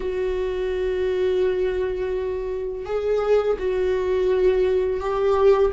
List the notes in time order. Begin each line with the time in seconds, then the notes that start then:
0.00 F#4
2.85 G#4
3.58 F#4
5.00 G4